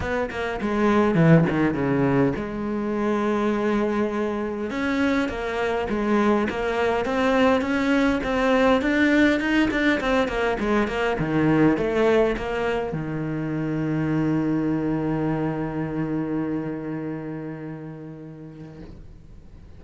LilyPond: \new Staff \with { instrumentName = "cello" } { \time 4/4 \tempo 4 = 102 b8 ais8 gis4 e8 dis8 cis4 | gis1 | cis'4 ais4 gis4 ais4 | c'4 cis'4 c'4 d'4 |
dis'8 d'8 c'8 ais8 gis8 ais8 dis4 | a4 ais4 dis2~ | dis1~ | dis1 | }